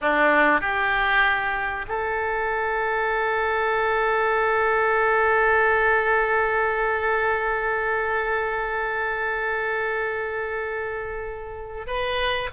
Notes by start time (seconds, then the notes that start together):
0.01 D4
0.61 G4
1.88 A4
11.86 B4